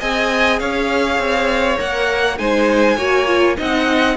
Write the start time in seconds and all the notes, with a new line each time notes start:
0.00 C4 G#4 D#5 G#5
0.59 C#4 C#5 F5
1.19 C4
1.77 A#3 A#4 F#5
2.38 G#3 D#4 C5 G#5
2.97 A#3 F#4 C#5
3.27 F4
3.57 C4 D#4 D#5 F#5